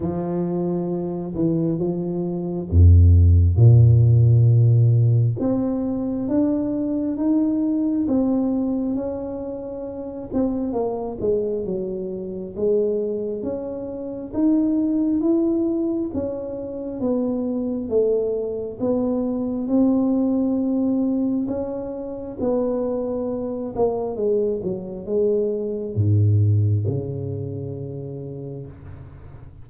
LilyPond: \new Staff \with { instrumentName = "tuba" } { \time 4/4 \tempo 4 = 67 f4. e8 f4 f,4 | ais,2 c'4 d'4 | dis'4 c'4 cis'4. c'8 | ais8 gis8 fis4 gis4 cis'4 |
dis'4 e'4 cis'4 b4 | a4 b4 c'2 | cis'4 b4. ais8 gis8 fis8 | gis4 gis,4 cis2 | }